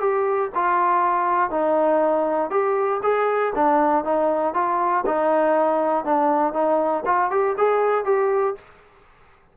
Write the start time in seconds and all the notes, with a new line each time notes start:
0.00 G4
0.55 F4
1.50 D#4
2.50 G4
3.03 G#4
3.55 D4
4.04 D#4
4.54 F4
5.06 D#4
6.04 D4
6.53 D#4
7.05 F4
7.31 G4
7.57 G#4
8.05 G4